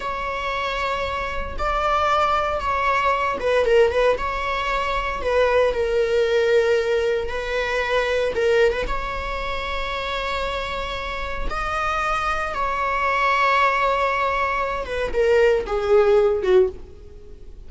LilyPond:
\new Staff \with { instrumentName = "viola" } { \time 4/4 \tempo 4 = 115 cis''2. d''4~ | d''4 cis''4. b'8 ais'8 b'8 | cis''2 b'4 ais'4~ | ais'2 b'2 |
ais'8. b'16 cis''2.~ | cis''2 dis''2 | cis''1~ | cis''8 b'8 ais'4 gis'4. fis'8 | }